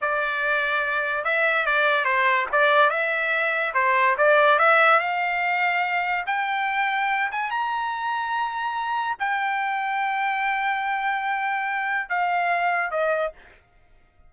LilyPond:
\new Staff \with { instrumentName = "trumpet" } { \time 4/4 \tempo 4 = 144 d''2. e''4 | d''4 c''4 d''4 e''4~ | e''4 c''4 d''4 e''4 | f''2. g''4~ |
g''4. gis''8 ais''2~ | ais''2 g''2~ | g''1~ | g''4 f''2 dis''4 | }